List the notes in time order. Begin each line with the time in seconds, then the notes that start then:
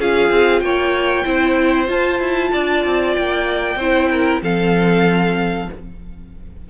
0.00 C#4 F4 G#4 F5
0.30 C4
0.61 A#3 C#5 G5
1.25 C4 E4 C5
1.86 F4 A5
2.20 E4
2.52 D4 D5
2.86 C4
3.14 A#3 G5
3.76 C4 E4 C5
4.11 A#4
4.42 F3 C4 A4 F5